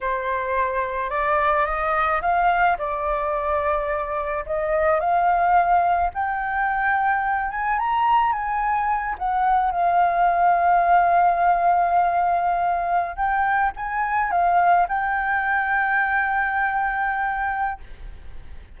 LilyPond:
\new Staff \with { instrumentName = "flute" } { \time 4/4 \tempo 4 = 108 c''2 d''4 dis''4 | f''4 d''2. | dis''4 f''2 g''4~ | g''4. gis''8 ais''4 gis''4~ |
gis''8 fis''4 f''2~ f''8~ | f''2.~ f''8. g''16~ | g''8. gis''4 f''4 g''4~ g''16~ | g''1 | }